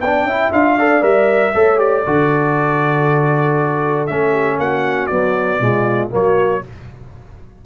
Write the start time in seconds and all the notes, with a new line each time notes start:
0.00 B3 D4 D5 G5
0.23 C#4 E4 E5
0.52 D4 F4 F5
0.76 A4 D5
1.01 G3 A#4 E5
1.54 A3 A4 C#5
1.76 G4 D5
2.04 D3 F#4 A4
4.06 A3 C#4 E5
4.30 G4
4.58 A#3 F#4 F#5
5.06 F#3 B3 D5
5.60 B2 G#3 F4
6.10 F#3 A#3 F#4 C#5